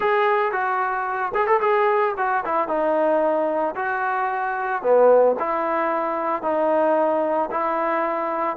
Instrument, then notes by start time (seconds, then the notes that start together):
trombone
0.00 G#4
0.52 F#4
1.34 G#4
1.46 A4
1.60 G#4
2.17 F#4
2.45 E4
2.67 D#4
3.75 F#4
4.82 B3
5.39 E4
6.42 D#4
7.50 E4